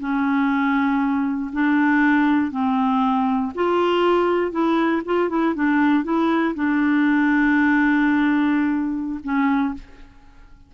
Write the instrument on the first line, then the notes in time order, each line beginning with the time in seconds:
clarinet
0.00 C#4
1.53 D4
2.52 C4
3.55 F4
4.52 E4
5.06 F4
5.30 E4
5.55 D4
6.04 E4
6.55 D4
9.24 C#4